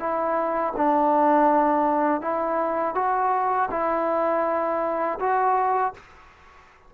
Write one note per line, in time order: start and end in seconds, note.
0.00 0.74 E4
0.77 2.22 D4
2.22 2.95 E4
2.95 3.69 F#4
3.71 5.19 E4
5.20 5.94 F#4